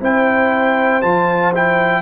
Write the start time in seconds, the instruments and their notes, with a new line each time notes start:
0.00 tuba C4, trombone E4, horn C5, trumpet G5
1.02 tuba F3, trombone F4, trumpet A5
1.54 trombone E4, trumpet G5